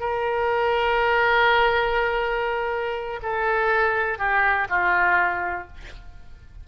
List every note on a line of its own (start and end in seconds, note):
0.00 3.20 A#4
3.22 4.18 A4
4.18 4.67 G4
4.69 5.67 F4